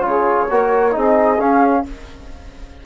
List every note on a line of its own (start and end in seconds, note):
0.00 0.45 C#3
0.00 0.47 F4
0.00 0.96 C#5
0.06 0.50 G#4
0.50 0.96 A#3
0.50 0.92 F#4
0.50 0.94 A#4
0.92 1.40 C4
0.92 1.37 D#4
0.92 1.85 G#4
0.92 1.40 D#5
1.40 1.85 C#4
1.40 1.86 F5